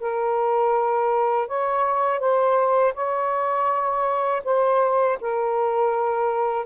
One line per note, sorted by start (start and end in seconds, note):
0.00 1.48 A#4
1.48 2.20 C#5
2.20 2.94 C5
2.95 4.43 C#5
4.44 5.19 C5
5.21 6.66 A#4